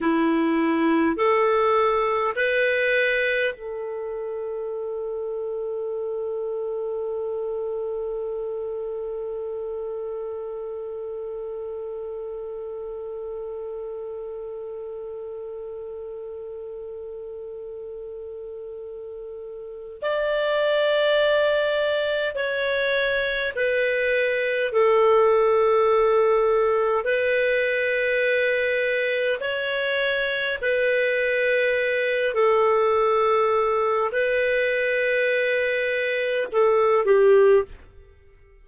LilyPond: \new Staff \with { instrumentName = "clarinet" } { \time 4/4 \tempo 4 = 51 e'4 a'4 b'4 a'4~ | a'1~ | a'1~ | a'1~ |
a'4 d''2 cis''4 | b'4 a'2 b'4~ | b'4 cis''4 b'4. a'8~ | a'4 b'2 a'8 g'8 | }